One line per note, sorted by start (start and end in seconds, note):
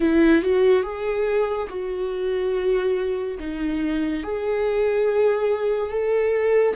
0.00 0.42 E4
0.42 0.83 F#4
0.83 1.67 G#4
1.69 3.38 F#4
3.39 4.23 D#4
4.23 5.90 G#4
5.90 6.75 A4